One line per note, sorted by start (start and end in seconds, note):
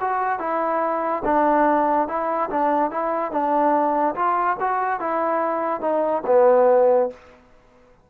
0.00 0.39 F#4
0.39 1.22 E4
1.25 2.08 D4
2.08 2.49 E4
2.50 2.90 D4
2.90 3.31 E4
3.31 4.15 D4
4.15 4.56 F4
4.60 5.00 F#4
5.00 5.80 E4
5.80 6.22 D#4
6.26 7.09 B3